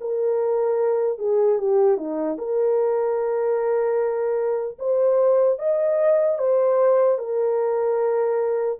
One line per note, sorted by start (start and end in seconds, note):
0.00 1.18 A#4
1.18 1.58 G#4
1.58 1.97 G4
1.97 2.37 D#4
2.38 4.78 A#4
4.79 5.59 C5
5.59 6.38 D#5
6.38 7.18 C5
7.18 8.78 A#4